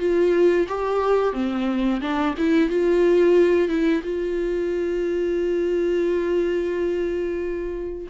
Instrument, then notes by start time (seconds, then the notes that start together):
viola
0.00 F4
0.69 G4
1.34 C4
2.01 D4
2.38 E4
2.70 F4
3.69 E4
4.04 F4